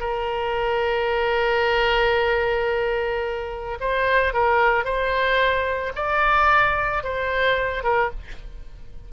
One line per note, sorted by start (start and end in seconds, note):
0.00 3.78 A#4
3.81 4.33 C5
4.33 4.85 A#4
4.85 5.93 C5
5.96 7.03 D5
7.03 7.84 C5
7.84 8.11 A#4